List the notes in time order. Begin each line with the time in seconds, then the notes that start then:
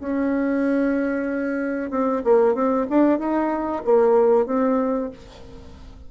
0.00 C#4
1.90 C4
2.24 A#3
2.54 C4
2.89 D4
3.19 D#4
3.85 A#3
4.46 C4